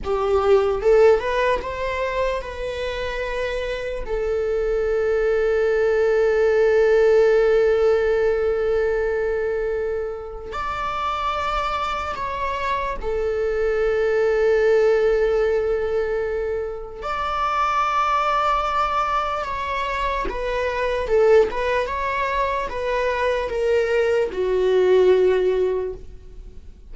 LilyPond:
\new Staff \with { instrumentName = "viola" } { \time 4/4 \tempo 4 = 74 g'4 a'8 b'8 c''4 b'4~ | b'4 a'2.~ | a'1~ | a'4 d''2 cis''4 |
a'1~ | a'4 d''2. | cis''4 b'4 a'8 b'8 cis''4 | b'4 ais'4 fis'2 | }